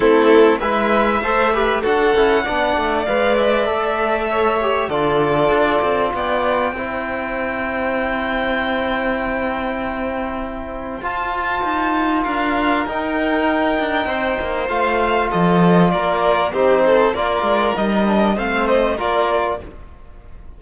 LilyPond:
<<
  \new Staff \with { instrumentName = "violin" } { \time 4/4 \tempo 4 = 98 a'4 e''2 fis''4~ | fis''4 f''8 e''2~ e''8 | d''2 g''2~ | g''1~ |
g''2 a''2 | f''4 g''2. | f''4 dis''4 d''4 c''4 | d''4 dis''4 f''8 dis''8 d''4 | }
  \new Staff \with { instrumentName = "violin" } { \time 4/4 e'4 b'4 c''8 b'8 a'4 | d''2. cis''4 | a'2 d''4 c''4~ | c''1~ |
c''1 | ais'2. c''4~ | c''4 a'4 ais'4 g'8 a'8 | ais'2 c''4 ais'4 | }
  \new Staff \with { instrumentName = "trombone" } { \time 4/4 c'4 e'4 a'8 g'8 fis'8 e'8 | d'4 b'4 a'4. g'8 | f'2. e'4~ | e'1~ |
e'2 f'2~ | f'4 dis'2. | f'2. dis'4 | f'4 dis'8 d'8 c'4 f'4 | }
  \new Staff \with { instrumentName = "cello" } { \time 4/4 a4 gis4 a4 d'8 cis'8 | b8 a8 gis4 a2 | d4 d'8 c'8 b4 c'4~ | c'1~ |
c'2 f'4 dis'4 | d'4 dis'4. d'8 c'8 ais8 | a4 f4 ais4 c'4 | ais8 gis8 g4 a4 ais4 | }
>>